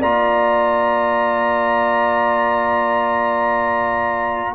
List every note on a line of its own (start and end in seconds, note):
0.00 4.55 A#3
0.00 4.55 F4
0.00 4.53 D5
0.00 4.55 A#5